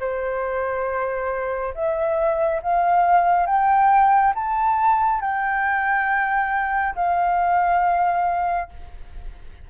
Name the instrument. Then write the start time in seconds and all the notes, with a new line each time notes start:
flute
0.00 C5
1.75 E5
2.63 F5
3.47 G5
4.35 A5
5.21 G5
6.95 F5